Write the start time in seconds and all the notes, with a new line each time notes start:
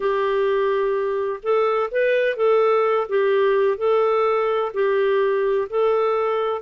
0.00 G4
1.43 A4
1.91 B4
2.36 A4
3.08 G4
3.77 A4
4.73 G4
5.69 A4